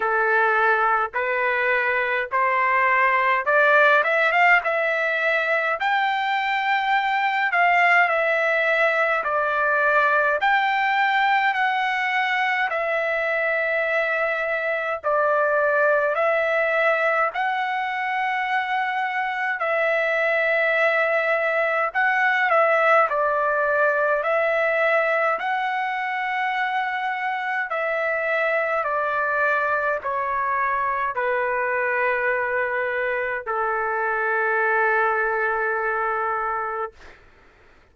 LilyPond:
\new Staff \with { instrumentName = "trumpet" } { \time 4/4 \tempo 4 = 52 a'4 b'4 c''4 d''8 e''16 f''16 | e''4 g''4. f''8 e''4 | d''4 g''4 fis''4 e''4~ | e''4 d''4 e''4 fis''4~ |
fis''4 e''2 fis''8 e''8 | d''4 e''4 fis''2 | e''4 d''4 cis''4 b'4~ | b'4 a'2. | }